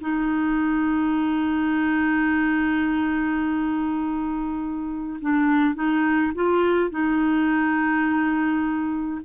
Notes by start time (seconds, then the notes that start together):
0.00 D#4
5.21 D4
5.75 D#4
6.34 F4
6.90 D#4